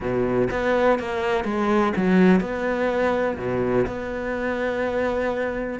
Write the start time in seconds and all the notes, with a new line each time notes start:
0.00 B2
0.51 B3
0.99 A#3
1.44 G#3
1.96 F#3
2.40 B3
3.37 B2
3.87 B3